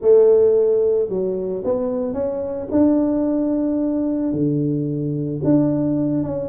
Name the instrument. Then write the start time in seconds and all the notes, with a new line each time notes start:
tuba
0.01 A3
1.08 F#3
1.64 B3
2.13 C#4
2.71 D4
4.32 D3
5.43 D4
6.23 C#4